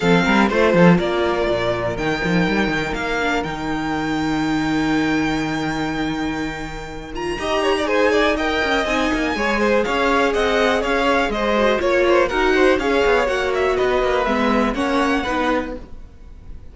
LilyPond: <<
  \new Staff \with { instrumentName = "violin" } { \time 4/4 \tempo 4 = 122 f''4 c''4 d''2 | g''2 f''4 g''4~ | g''1~ | g''2~ g''8 ais''4. |
gis''4 g''4 gis''2 | f''4 fis''4 f''4 dis''4 | cis''4 fis''4 f''4 fis''8 e''8 | dis''4 e''4 fis''2 | }
  \new Staff \with { instrumentName = "violin" } { \time 4/4 a'8 ais'8 c''8 a'8 ais'2~ | ais'1~ | ais'1~ | ais'2. dis''8 cis''16 d''16 |
c''8 d''8 dis''2 cis''8 c''8 | cis''4 dis''4 cis''4 c''4 | cis''8 c''8 ais'8 c''8 cis''2 | b'2 cis''4 b'4 | }
  \new Staff \with { instrumentName = "viola" } { \time 4/4 c'4 f'2. | dis'2~ dis'8 d'8 dis'4~ | dis'1~ | dis'2~ dis'8 f'8 g'4 |
gis'4 ais'4 dis'4 gis'4~ | gis'2.~ gis'8 fis'8 | f'4 fis'4 gis'4 fis'4~ | fis'4 b4 cis'4 dis'4 | }
  \new Staff \with { instrumentName = "cello" } { \time 4/4 f8 g8 a8 f8 ais4 ais,4 | dis8 f8 g8 dis8 ais4 dis4~ | dis1~ | dis2. dis'4~ |
dis'4. cis'8 c'8 ais8 gis4 | cis'4 c'4 cis'4 gis4 | ais4 dis'4 cis'8 b8 ais4 | b8 ais8 gis4 ais4 b4 | }
>>